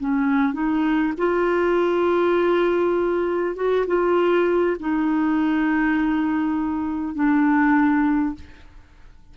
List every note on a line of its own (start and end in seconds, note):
0.00 0.53 C#4
0.53 1.13 D#4
1.18 3.56 F4
3.56 3.86 F#4
3.87 4.77 F4
4.79 7.15 D#4
7.15 8.35 D4